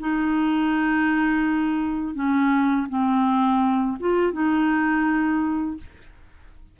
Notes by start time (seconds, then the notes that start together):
0.00 D#4
2.15 C#4
2.89 C4
4.00 F4
4.33 D#4